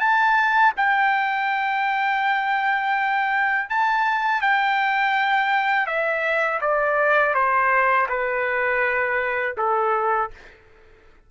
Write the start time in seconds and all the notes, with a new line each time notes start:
0.00 A5
0.77 G5
3.70 A5
4.42 G5
5.87 E5
6.61 D5
7.34 C5
8.09 B4
9.58 A4